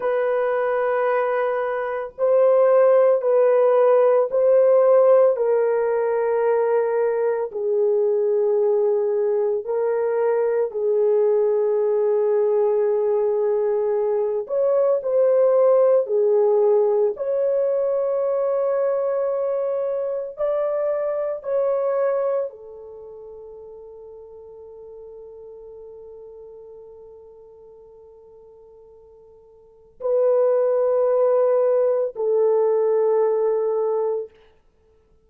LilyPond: \new Staff \with { instrumentName = "horn" } { \time 4/4 \tempo 4 = 56 b'2 c''4 b'4 | c''4 ais'2 gis'4~ | gis'4 ais'4 gis'2~ | gis'4. cis''8 c''4 gis'4 |
cis''2. d''4 | cis''4 a'2.~ | a'1 | b'2 a'2 | }